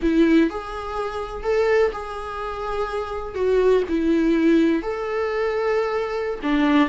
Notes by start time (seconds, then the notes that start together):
0.01 E4
0.50 G#4
1.43 A4
1.92 G#4
3.34 F#4
3.88 E4
4.82 A4
6.42 D4